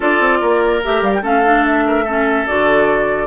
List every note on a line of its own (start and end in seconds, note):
0.00 0.19 D4
0.00 0.81 F4
0.00 0.38 A4
0.00 0.83 D5
0.19 0.40 C4
0.40 0.83 A#3
0.40 1.22 A#4
0.83 1.01 A3
0.83 1.22 G4
0.83 1.03 E5
1.01 1.22 G3
1.01 1.13 F5
1.14 1.24 G5
1.22 2.46 A3
1.22 1.43 C#4
1.22 1.84 A4
1.22 1.65 F5
1.44 2.05 D4
1.65 2.46 E5
1.87 2.04 A#4
2.04 2.47 C#4
2.04 3.27 A4
2.46 3.27 D3
2.46 3.27 F#4
2.46 3.27 D5